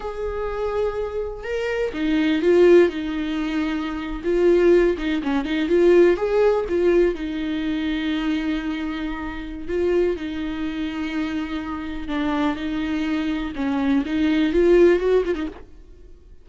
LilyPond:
\new Staff \with { instrumentName = "viola" } { \time 4/4 \tempo 4 = 124 gis'2. ais'4 | dis'4 f'4 dis'2~ | dis'8. f'4. dis'8 cis'8 dis'8 f'16~ | f'8. gis'4 f'4 dis'4~ dis'16~ |
dis'1 | f'4 dis'2.~ | dis'4 d'4 dis'2 | cis'4 dis'4 f'4 fis'8 f'16 dis'16 | }